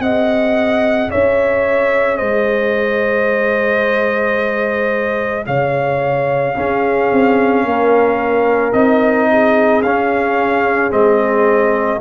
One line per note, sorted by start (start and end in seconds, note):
0.00 1.09 C4
0.00 6.55 G#4
0.00 1.11 D#5
0.00 1.11 F#5
1.11 2.21 C#4
1.11 2.18 C#5
1.11 2.17 E5
2.17 5.48 G#3
2.17 5.45 C5
2.17 5.45 D#5
5.47 6.57 C#3
5.47 6.56 C#5
5.47 8.73 F5
6.55 8.73 C#4
6.55 7.12 C#4
6.55 7.65 G#4
7.12 7.64 C4
7.64 8.73 A#3
7.64 9.29 A#4
8.73 9.83 C4
8.73 9.82 D#4
8.73 9.82 D#5
9.32 12.01 G#4
9.83 10.92 C#4
9.83 10.91 C#4
9.83 10.92 F5
10.91 12.01 G#3
10.91 12.00 C4
10.91 12.01 D#5